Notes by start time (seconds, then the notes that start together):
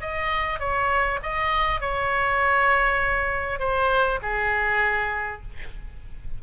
0.00 D#5
0.59 C#5
1.22 D#5
1.80 C#5
3.59 C5
4.22 G#4